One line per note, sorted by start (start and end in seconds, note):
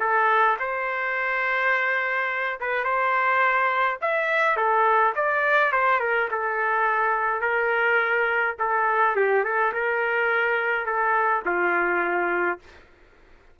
0.00 0.57 A4
0.59 2.59 C5
2.60 2.84 B4
2.84 3.98 C5
4.02 4.57 E5
4.57 5.14 A4
5.15 5.72 D5
5.72 6.00 C5
6.00 6.28 A#4
6.31 7.41 A4
7.41 8.55 A#4
8.59 9.16 A4
9.16 9.44 G4
9.44 9.72 A4
9.73 10.86 A#4
10.86 11.43 A4
11.45 12.59 F4